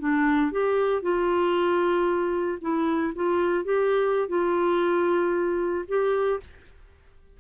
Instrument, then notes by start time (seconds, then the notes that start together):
clarinet
0.00 D4
0.52 G4
1.02 F4
2.61 E4
3.15 F4
3.65 G4
4.29 F4
5.88 G4